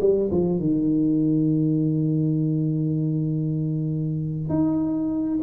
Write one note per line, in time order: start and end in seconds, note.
0.00 0.30 G3
0.31 0.59 F3
0.59 4.49 D#3
4.49 5.39 D#4